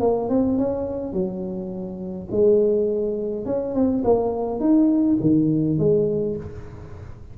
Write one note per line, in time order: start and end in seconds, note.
0.00 0.29 A#3
0.29 0.58 C4
0.58 1.12 C#4
1.12 2.28 F#3
2.31 3.45 G#3
3.45 3.74 C#4
3.74 4.03 C4
4.04 4.60 A#3
4.60 5.17 D#4
5.21 5.78 D#3
5.78 6.36 G#3